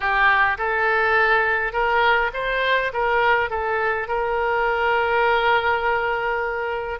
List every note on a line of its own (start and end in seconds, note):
0.00 0.57 G4
0.57 1.72 A4
1.72 2.31 A#4
2.33 2.92 C5
2.93 3.50 A#4
3.50 4.08 A4
4.08 6.99 A#4